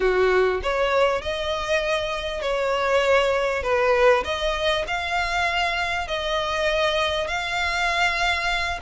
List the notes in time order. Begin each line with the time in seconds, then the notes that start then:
0.00 F#4
0.62 C#5
1.21 D#5
2.41 C#5
3.63 B4
4.24 D#5
4.87 F5
6.07 D#5
7.27 F5